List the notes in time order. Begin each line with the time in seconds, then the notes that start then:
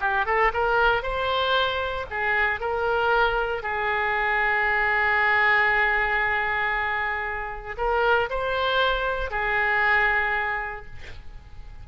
0.00 G4
0.26 A4
0.53 A#4
1.02 C5
2.10 G#4
2.60 A#4
3.62 G#4
7.78 A#4
8.30 C5
9.31 G#4